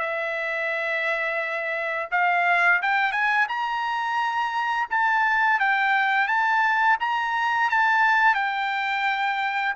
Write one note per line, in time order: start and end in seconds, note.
0.00 2.09 E5
2.12 2.82 F5
2.83 3.12 G5
3.12 3.47 G#5
3.49 4.88 A#5
4.90 5.60 A5
5.60 6.28 G5
6.28 6.98 A5
7.01 7.70 A#5
7.70 8.35 A5
8.35 9.75 G5